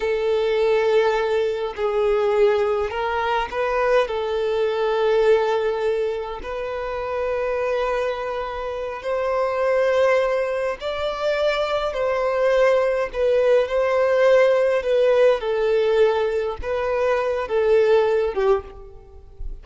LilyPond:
\new Staff \with { instrumentName = "violin" } { \time 4/4 \tempo 4 = 103 a'2. gis'4~ | gis'4 ais'4 b'4 a'4~ | a'2. b'4~ | b'2.~ b'8 c''8~ |
c''2~ c''8 d''4.~ | d''8 c''2 b'4 c''8~ | c''4. b'4 a'4.~ | a'8 b'4. a'4. g'8 | }